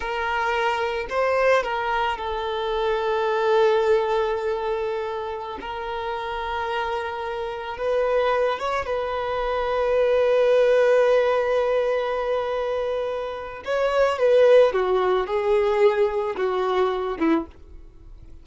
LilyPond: \new Staff \with { instrumentName = "violin" } { \time 4/4 \tempo 4 = 110 ais'2 c''4 ais'4 | a'1~ | a'2~ a'16 ais'4.~ ais'16~ | ais'2~ ais'16 b'4. cis''16~ |
cis''16 b'2.~ b'8.~ | b'1~ | b'4 cis''4 b'4 fis'4 | gis'2 fis'4. e'8 | }